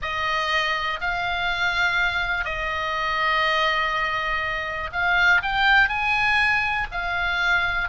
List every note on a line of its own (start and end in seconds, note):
0.01 1.00 D#5
1.01 2.44 F5
2.44 4.90 D#5
4.92 5.41 F5
5.42 5.89 G5
5.89 6.87 G#5
6.91 7.88 F5